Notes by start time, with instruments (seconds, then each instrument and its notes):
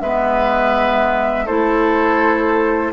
0.00 bassoon G#3, clarinet B3, oboe B4, flute E5
1.45 bassoon A3, clarinet E4, oboe A4, flute C5